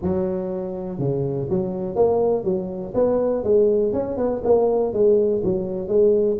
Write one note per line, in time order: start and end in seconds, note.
0.02 0.99 F#3
0.99 1.48 C#3
1.49 1.95 F#3
1.95 2.44 A#3
2.44 2.93 F#3
2.94 3.43 B3
3.43 3.92 G#3
3.92 4.17 C#4
4.17 4.42 B3
4.44 4.93 A#3
4.93 5.42 G#3
5.43 5.88 F#3
5.88 6.37 G#3